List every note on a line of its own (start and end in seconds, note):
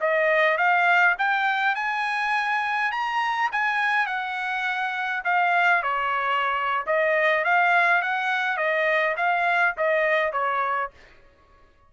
0.00 0.57 D#5
0.57 1.15 F5
1.18 1.75 G5
1.75 2.91 G#5
2.91 3.50 A#5
3.52 4.06 G#5
4.06 5.23 F#5
5.24 5.83 F5
5.83 6.84 C#5
6.86 7.44 D#5
7.44 8.02 F5
8.02 8.57 F#5
8.57 9.15 D#5
9.17 9.75 F5
9.77 10.32 D#5
10.32 10.90 C#5